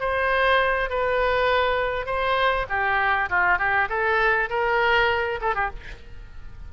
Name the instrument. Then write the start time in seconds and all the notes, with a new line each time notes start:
oboe
0.00 C5
0.89 B4
2.06 C5
2.69 G4
3.30 F4
3.58 G4
3.89 A4
4.49 A#4
5.41 A4
5.55 G4